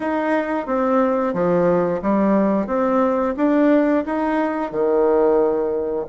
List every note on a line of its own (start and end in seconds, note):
0.00 0.66 D#4
0.66 1.33 C4
1.33 2.00 F3
2.01 2.67 G3
2.67 3.34 C4
3.36 4.04 D4
4.05 4.71 D#4
4.71 6.06 D#3